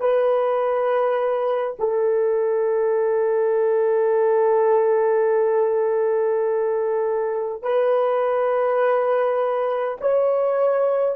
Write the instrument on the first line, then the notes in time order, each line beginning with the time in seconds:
horn
0.00 B4
1.79 A4
7.63 B4
10.01 C#5